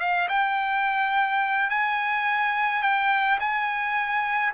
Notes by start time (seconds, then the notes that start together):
0.00 F5
0.29 G5
1.70 G#5
2.82 G5
3.40 G#5